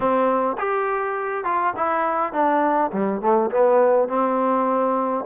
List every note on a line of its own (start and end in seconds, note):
0.00 0.57 C4
0.58 1.44 G4
1.44 1.73 F4
1.76 2.32 E4
2.32 2.91 D4
2.92 3.21 G3
3.21 3.50 A3
3.50 4.08 B3
4.08 5.25 C4